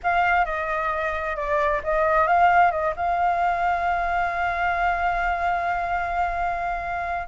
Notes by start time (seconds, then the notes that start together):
0.03 F5
0.45 D#5
1.36 D5
1.83 D#5
2.27 F5
2.71 D#5
2.95 F5